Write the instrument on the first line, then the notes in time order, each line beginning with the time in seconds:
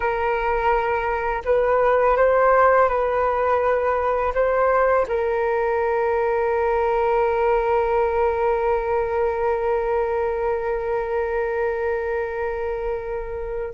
flute
0.00 A#4
1.45 B4
2.16 C5
2.88 B4
4.34 C5
5.08 A#4